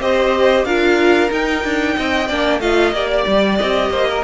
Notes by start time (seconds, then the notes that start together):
0.00 C4 G4 C5 D#5
0.65 D4 F4 A#4 F5
1.29 D#4 G5
1.64 D4
1.97 C4 D#5
2.28 A#3 D4 D5
2.60 A3 F4 D#5 F5
2.93 A#3 G4 D5
3.11 D5
3.27 G3
3.59 C4 D#5
3.90 A#3 C5
4.10 A#4